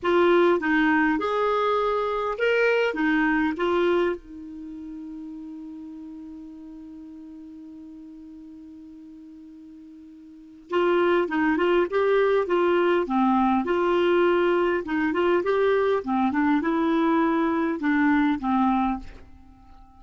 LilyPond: \new Staff \with { instrumentName = "clarinet" } { \time 4/4 \tempo 4 = 101 f'4 dis'4 gis'2 | ais'4 dis'4 f'4 dis'4~ | dis'1~ | dis'1~ |
dis'2 f'4 dis'8 f'8 | g'4 f'4 c'4 f'4~ | f'4 dis'8 f'8 g'4 c'8 d'8 | e'2 d'4 c'4 | }